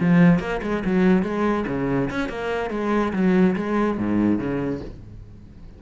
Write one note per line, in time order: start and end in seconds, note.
0.00 0.39 F3
0.39 0.60 A#3
0.62 0.83 G#3
0.85 1.22 F#3
1.22 1.65 G#3
1.67 2.10 C#3
2.10 2.29 C#4
2.29 2.70 A#3
2.70 3.12 G#3
3.13 3.55 F#3
3.55 3.98 G#3
3.98 4.38 G#2
4.38 4.80 C#3